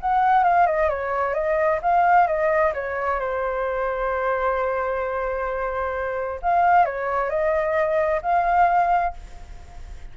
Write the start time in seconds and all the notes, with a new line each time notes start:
0.00 F#5
0.44 F5
0.66 D#5
0.89 C#5
1.34 D#5
1.82 F5
2.27 D#5
2.74 C#5
3.19 C5
6.42 F5
6.85 C#5
7.29 D#5
8.22 F5